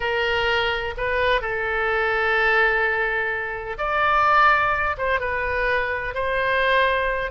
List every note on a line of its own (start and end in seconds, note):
0.00 0.94 A#4
0.97 1.41 B4
1.41 3.77 A4
3.78 4.96 D5
4.97 5.19 C5
5.19 6.14 B4
6.14 7.31 C5